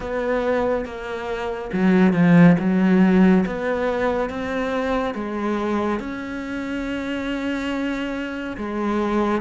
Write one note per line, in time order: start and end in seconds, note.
0.00 0.85 B3
0.85 1.70 A#3
1.72 2.13 F#3
2.13 2.56 F3
2.59 3.44 F#3
3.46 4.29 B3
4.29 5.14 C4
5.14 5.99 G#3
5.99 8.56 C#4
8.57 9.41 G#3